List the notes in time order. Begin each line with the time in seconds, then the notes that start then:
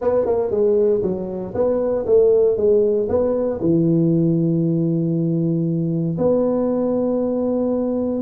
0.01 B3
0.25 A#3
0.50 G#3
1.02 F#3
1.54 B3
2.06 A3
2.56 G#3
3.08 B3
3.60 E3
6.17 B3